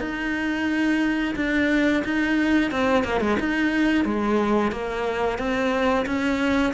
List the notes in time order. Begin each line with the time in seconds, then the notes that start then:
0.00 D#4
1.36 D4
2.04 D#4
2.71 C4
3.04 A#3
3.21 G#3
3.40 D#4
4.05 G#3
4.72 A#3
5.38 C4
6.06 C#4